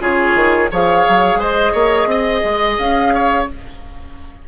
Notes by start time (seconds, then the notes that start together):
0.00 C#3 F4 G#4 C#5
0.35 D#3
0.71 F3 G#4 C#5 F5
1.08 F#3
1.36 G#3 C5 D#5
1.73 A#3 C#5
2.06 C4 D#5
2.44 G#3
2.78 C#4 F5
3.14 C#5